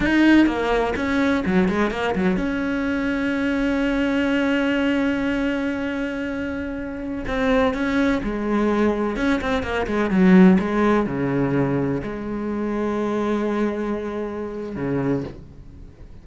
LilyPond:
\new Staff \with { instrumentName = "cello" } { \time 4/4 \tempo 4 = 126 dis'4 ais4 cis'4 fis8 gis8 | ais8 fis8 cis'2.~ | cis'1~ | cis'2.~ cis'16 c'8.~ |
c'16 cis'4 gis2 cis'8 c'16~ | c'16 ais8 gis8 fis4 gis4 cis8.~ | cis4~ cis16 gis2~ gis8.~ | gis2. cis4 | }